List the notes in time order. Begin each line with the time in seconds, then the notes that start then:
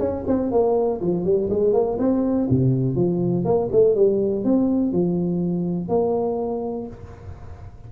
0.00 C#4
0.27 C4
0.52 A#3
1.01 F3
1.25 G3
1.50 G#3
1.73 A#3
1.99 C4
2.50 C3
2.96 F3
3.45 A#3
3.72 A3
3.95 G3
4.45 C4
4.92 F3
5.89 A#3